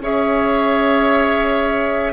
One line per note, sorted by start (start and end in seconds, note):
0.00 2.12 C#4
0.00 2.12 G#4
0.00 2.12 C#5
0.00 2.12 E5